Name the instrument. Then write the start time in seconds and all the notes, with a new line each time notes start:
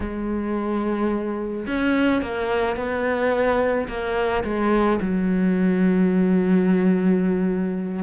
cello
0.00 G#3
1.67 C#4
2.22 A#3
2.76 B3
3.88 A#3
4.44 G#3
5.01 F#3